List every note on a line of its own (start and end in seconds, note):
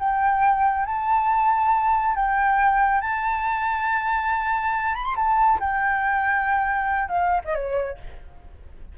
0.00 0.86 G5
0.86 2.16 A5
2.16 3.02 G5
3.02 4.95 A5
4.95 5.05 B5
5.05 5.15 C6
5.16 5.60 A5
5.60 7.09 G5
7.09 7.41 F5
7.45 7.55 D#5
7.55 7.98 C#5